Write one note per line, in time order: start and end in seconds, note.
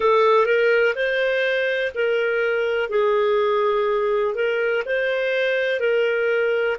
0.00 0.46 A4
0.46 0.94 A#4
0.95 1.92 C5
1.94 2.89 A#4
2.89 4.34 G#4
4.35 4.83 A#4
4.85 5.80 C5
5.80 6.77 A#4